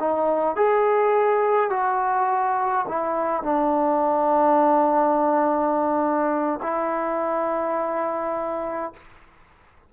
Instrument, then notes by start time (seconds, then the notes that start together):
trombone
0.00 D#4
0.56 G#4
1.70 F#4
2.88 E4
3.43 D4
6.63 E4